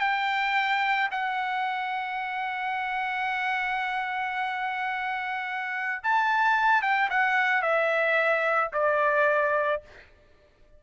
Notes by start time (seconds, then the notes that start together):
0.00 G5
1.11 F#5
6.03 A5
6.82 G5
7.10 F#5
7.62 E5
8.73 D5